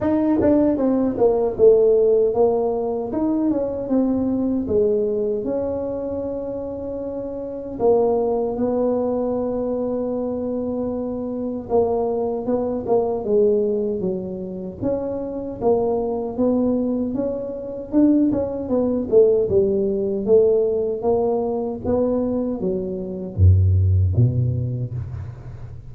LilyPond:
\new Staff \with { instrumentName = "tuba" } { \time 4/4 \tempo 4 = 77 dis'8 d'8 c'8 ais8 a4 ais4 | dis'8 cis'8 c'4 gis4 cis'4~ | cis'2 ais4 b4~ | b2. ais4 |
b8 ais8 gis4 fis4 cis'4 | ais4 b4 cis'4 d'8 cis'8 | b8 a8 g4 a4 ais4 | b4 fis4 fis,4 b,4 | }